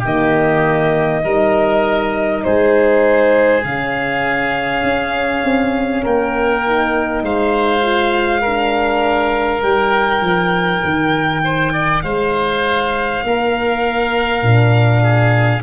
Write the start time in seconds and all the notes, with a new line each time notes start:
0.00 D#3 A#3 G4 D#5
1.24 G3 D#4 A#4
2.44 G#3 G#4 C5
3.64 C#3 C#4 F5
4.83 C#4
5.45 C4
6.03 A#3 A#4 G5
6.67 D#4
7.23 G#3 C5 F5
7.83 F4
8.42 D4 A#4
9.63 G3 D#4 G5
10.21 F3
10.84 D#3
11.44 C5
11.73 D5
12.02 G#3 C5 F5
13.24 A#3 A#4
14.43 A#2 D4
15.03 G#4